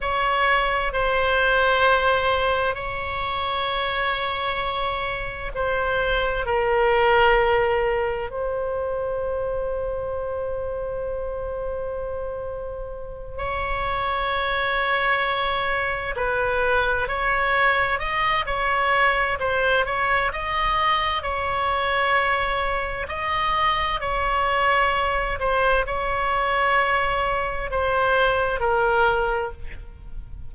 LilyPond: \new Staff \with { instrumentName = "oboe" } { \time 4/4 \tempo 4 = 65 cis''4 c''2 cis''4~ | cis''2 c''4 ais'4~ | ais'4 c''2.~ | c''2~ c''8 cis''4.~ |
cis''4. b'4 cis''4 dis''8 | cis''4 c''8 cis''8 dis''4 cis''4~ | cis''4 dis''4 cis''4. c''8 | cis''2 c''4 ais'4 | }